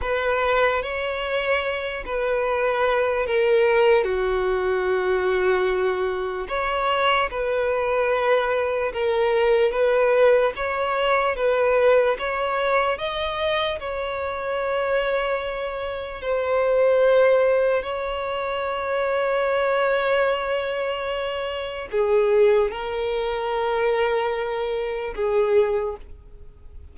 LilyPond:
\new Staff \with { instrumentName = "violin" } { \time 4/4 \tempo 4 = 74 b'4 cis''4. b'4. | ais'4 fis'2. | cis''4 b'2 ais'4 | b'4 cis''4 b'4 cis''4 |
dis''4 cis''2. | c''2 cis''2~ | cis''2. gis'4 | ais'2. gis'4 | }